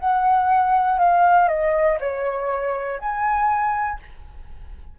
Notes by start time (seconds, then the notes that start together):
0.00 F#5
0.99 F5
1.49 D#5
2.00 C#5
3.00 G#5